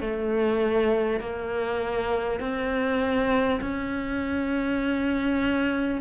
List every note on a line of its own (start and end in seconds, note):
0.00 1.19 A3
1.19 2.39 A#3
2.39 3.59 C4
3.60 6.00 C#4